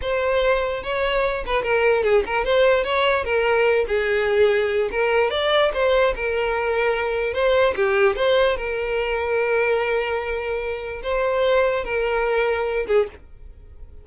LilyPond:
\new Staff \with { instrumentName = "violin" } { \time 4/4 \tempo 4 = 147 c''2 cis''4. b'8 | ais'4 gis'8 ais'8 c''4 cis''4 | ais'4. gis'2~ gis'8 | ais'4 d''4 c''4 ais'4~ |
ais'2 c''4 g'4 | c''4 ais'2.~ | ais'2. c''4~ | c''4 ais'2~ ais'8 gis'8 | }